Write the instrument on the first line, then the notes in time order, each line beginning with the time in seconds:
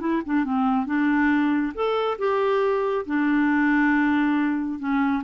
clarinet
0.00 E4
0.25 D4
0.44 C4
0.86 D4
1.74 A4
2.18 G4
3.06 D4
4.79 C#4